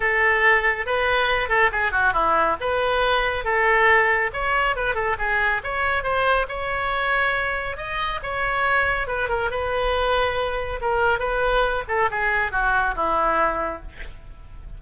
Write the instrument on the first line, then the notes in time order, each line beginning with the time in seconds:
oboe
0.00 A4
0.86 B4
1.49 A4
1.71 G#4
1.91 F#4
2.13 E4
2.60 B4
3.44 A4
4.33 C#5
4.76 B4
4.94 A4
5.18 G#4
5.63 C#5
6.03 C5
6.48 C#5
7.76 D#5
8.22 C#5
9.07 B4
9.28 A#4
9.50 B4
10.81 A#4
11.19 B4
11.88 A4
12.10 G#4
12.51 F#4
12.95 E4